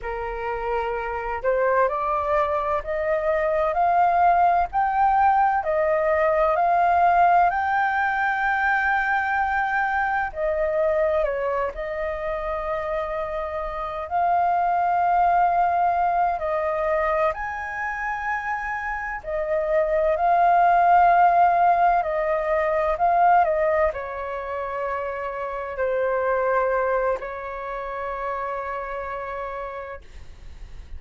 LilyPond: \new Staff \with { instrumentName = "flute" } { \time 4/4 \tempo 4 = 64 ais'4. c''8 d''4 dis''4 | f''4 g''4 dis''4 f''4 | g''2. dis''4 | cis''8 dis''2~ dis''8 f''4~ |
f''4. dis''4 gis''4.~ | gis''8 dis''4 f''2 dis''8~ | dis''8 f''8 dis''8 cis''2 c''8~ | c''4 cis''2. | }